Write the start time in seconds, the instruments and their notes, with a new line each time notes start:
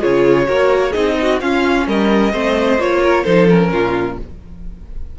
0.00 cello C#3, viola F4, violin G#4 C#5
0.45 cello A#3, viola F#4, violin A#4
0.91 cello C4, viola D#4, violin G#4 D#5
1.21 violin F#4
1.40 viola C#4, cello C#4, violin F4 F5
1.87 cello G3, violin A#4 D#5
2.32 cello A3, viola C4, violin C5
2.78 cello A#3, viola F4, violin C#5
3.03 violin A#4
3.23 cello F3, viola D#4, violin A4 C5
3.49 viola C#4, violin A#4
3.72 cello A#2, violin F4